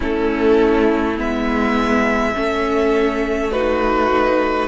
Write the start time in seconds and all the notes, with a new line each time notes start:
0.00 A3 C#4 E4 A4
1.16 G#3 B3 E5
2.34 A3 C#4 A4
3.51 D#4 F#4 B4